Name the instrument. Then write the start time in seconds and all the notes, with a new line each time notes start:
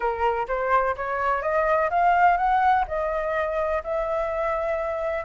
flute
0.00 A#4
0.48 C5
0.96 C#5
1.42 D#5
1.89 F5
2.37 F#5
2.87 D#5
3.83 E5